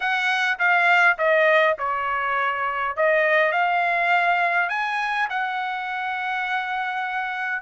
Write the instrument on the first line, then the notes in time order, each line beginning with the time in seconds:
trumpet
0.00 F#5
0.58 F5
1.17 D#5
1.78 C#5
2.96 D#5
3.52 F5
4.69 G#5
5.29 F#5